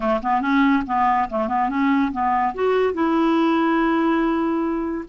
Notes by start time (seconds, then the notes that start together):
0.00 A3
0.22 B3
0.41 C#4
0.86 B3
1.29 A3
1.48 B3
1.69 C#4
2.11 B3
2.54 F#4
2.93 E4